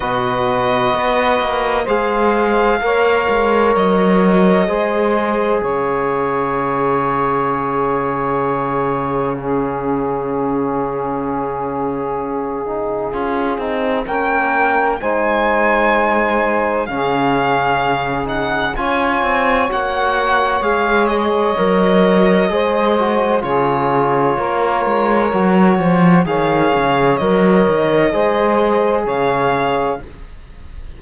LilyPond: <<
  \new Staff \with { instrumentName = "violin" } { \time 4/4 \tempo 4 = 64 dis''2 f''2 | dis''2 f''2~ | f''1~ | f''2. g''4 |
gis''2 f''4. fis''8 | gis''4 fis''4 f''8 dis''4.~ | dis''4 cis''2. | f''4 dis''2 f''4 | }
  \new Staff \with { instrumentName = "saxophone" } { \time 4/4 b'2 c''4 cis''4~ | cis''4 c''4 cis''2~ | cis''2 gis'2~ | gis'2. ais'4 |
c''2 gis'2 | cis''1 | c''4 gis'4 ais'4. c''8 | cis''2 c''4 cis''4 | }
  \new Staff \with { instrumentName = "trombone" } { \time 4/4 fis'2 gis'4 ais'4~ | ais'4 gis'2.~ | gis'2 cis'2~ | cis'4. dis'8 f'8 dis'8 cis'4 |
dis'2 cis'4. dis'8 | f'4 fis'4 gis'4 ais'4 | gis'8 fis'8 f'2 fis'4 | gis'4 ais'4 gis'2 | }
  \new Staff \with { instrumentName = "cello" } { \time 4/4 b,4 b8 ais8 gis4 ais8 gis8 | fis4 gis4 cis2~ | cis1~ | cis2 cis'8 c'8 ais4 |
gis2 cis2 | cis'8 c'8 ais4 gis4 fis4 | gis4 cis4 ais8 gis8 fis8 f8 | dis8 cis8 fis8 dis8 gis4 cis4 | }
>>